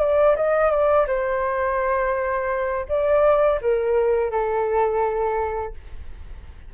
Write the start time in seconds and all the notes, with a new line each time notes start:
0.00 D5
0.36 D#5
0.71 D5
1.07 C5
2.89 D5
3.62 A#4
4.31 A4